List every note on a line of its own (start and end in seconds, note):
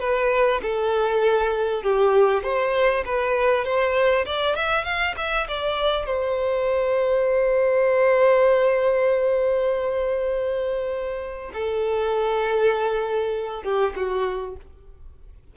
0.00 0.61 B4
0.62 1.83 A4
1.83 2.43 G4
2.43 3.04 C5
3.05 3.64 B4
3.64 4.25 C5
4.25 4.55 D5
4.55 4.84 E5
4.84 5.15 F5
5.17 5.47 E5
5.48 6.06 D5
6.06 11.51 C5
11.53 13.63 A4
13.63 13.93 G4
13.96 14.56 F#4